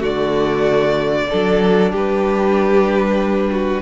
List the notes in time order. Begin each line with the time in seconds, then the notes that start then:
0.00 D3 A3 F#4 D5
1.30 F#3 D4 A4
1.92 G3 G4 B4
3.51 F#4